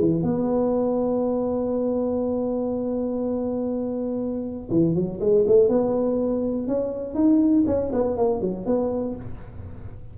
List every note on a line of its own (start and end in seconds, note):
0.00 0.23 E3
0.23 4.69 B3
4.71 4.95 E3
4.95 5.20 F#3
5.20 5.45 G#3
5.47 5.69 A3
5.69 6.68 B3
6.68 7.15 C#4
7.15 7.64 D#4
7.67 7.92 C#4
7.93 8.17 B3
8.17 8.41 A#3
8.41 8.66 F#3
8.66 9.16 B3